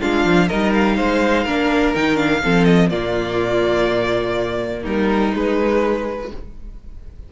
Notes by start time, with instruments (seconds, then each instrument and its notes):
0.00 cello G#3, viola D4, violin F4 F5
0.25 cello F3
0.47 cello G3, viola D#4, violin A#4 D#5
0.74 violin F5
0.96 cello G#3, violin C5
1.44 cello A#3, viola D4, violin A#4
1.95 cello D#3, viola D#4, violin G5
2.15 viola D4, violin F5
2.43 cello F3, viola C4, violin A4
2.64 violin D#5
2.89 cello A#2, viola A#3, violin F4 D5
4.81 cello G3, violin D#4 A#4
5.31 viola G#3, cello G#3, violin B4